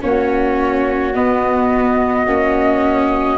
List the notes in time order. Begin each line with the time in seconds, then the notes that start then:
0.00 A#3 C#4 F#4 C#5
1.14 B3 D#5
2.26 A#3 C#4